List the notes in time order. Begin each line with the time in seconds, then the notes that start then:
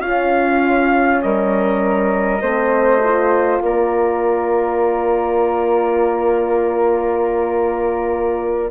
0.00 C#4 F4 F5
1.22 G3 A#4 D#5
2.42 A3 C4 C5
3.04 F4
3.61 A#3 A#4 D5